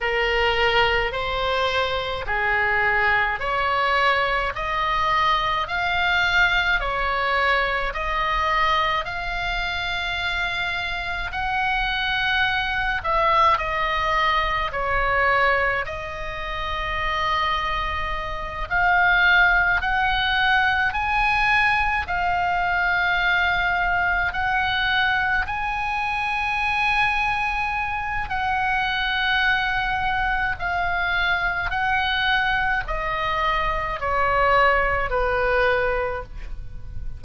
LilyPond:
\new Staff \with { instrumentName = "oboe" } { \time 4/4 \tempo 4 = 53 ais'4 c''4 gis'4 cis''4 | dis''4 f''4 cis''4 dis''4 | f''2 fis''4. e''8 | dis''4 cis''4 dis''2~ |
dis''8 f''4 fis''4 gis''4 f''8~ | f''4. fis''4 gis''4.~ | gis''4 fis''2 f''4 | fis''4 dis''4 cis''4 b'4 | }